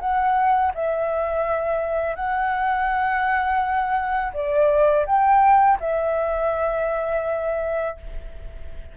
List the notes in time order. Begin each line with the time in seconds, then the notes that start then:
0.00 F#5
0.74 E5
2.15 F#5
4.33 D5
5.06 G5
5.80 E5